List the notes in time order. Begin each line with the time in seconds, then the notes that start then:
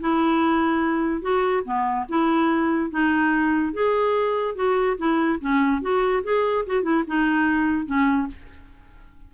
0.00 E4
1.22 F#4
1.65 B3
2.09 E4
2.91 D#4
3.73 G#4
4.55 F#4
4.98 E4
5.41 C#4
5.82 F#4
6.24 G#4
6.66 F#4
6.83 E4
7.07 D#4
7.86 C#4